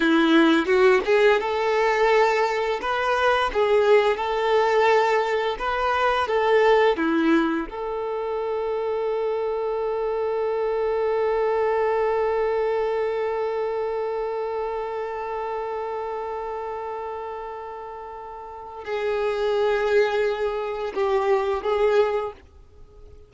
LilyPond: \new Staff \with { instrumentName = "violin" } { \time 4/4 \tempo 4 = 86 e'4 fis'8 gis'8 a'2 | b'4 gis'4 a'2 | b'4 a'4 e'4 a'4~ | a'1~ |
a'1~ | a'1~ | a'2. gis'4~ | gis'2 g'4 gis'4 | }